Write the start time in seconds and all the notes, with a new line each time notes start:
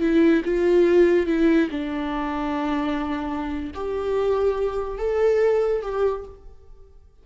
0.00 E4
0.45 F4
1.27 E4
1.71 D4
3.74 G4
4.98 A4
5.82 G4